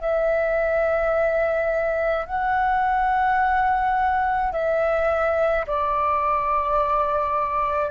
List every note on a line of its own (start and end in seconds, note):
0.00 2.26 E5
2.26 4.52 F#5
4.52 5.66 E5
5.67 7.91 D5